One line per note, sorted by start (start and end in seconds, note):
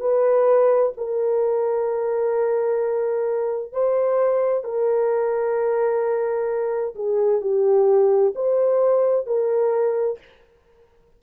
0.00 0.92 B4
0.97 3.72 A#4
3.72 4.64 C5
4.64 6.94 A#4
6.95 7.41 G#4
7.41 8.33 G4
8.35 9.26 C5
9.26 10.18 A#4